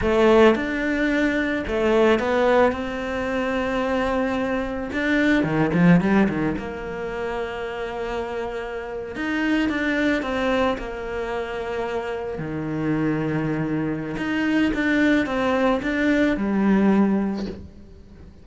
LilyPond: \new Staff \with { instrumentName = "cello" } { \time 4/4 \tempo 4 = 110 a4 d'2 a4 | b4 c'2.~ | c'4 d'4 dis8 f8 g8 dis8 | ais1~ |
ais8. dis'4 d'4 c'4 ais16~ | ais2~ ais8. dis4~ dis16~ | dis2 dis'4 d'4 | c'4 d'4 g2 | }